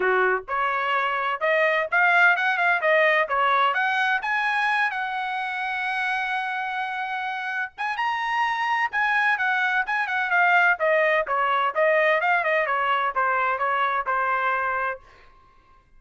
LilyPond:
\new Staff \with { instrumentName = "trumpet" } { \time 4/4 \tempo 4 = 128 fis'4 cis''2 dis''4 | f''4 fis''8 f''8 dis''4 cis''4 | fis''4 gis''4. fis''4.~ | fis''1~ |
fis''8 gis''8 ais''2 gis''4 | fis''4 gis''8 fis''8 f''4 dis''4 | cis''4 dis''4 f''8 dis''8 cis''4 | c''4 cis''4 c''2 | }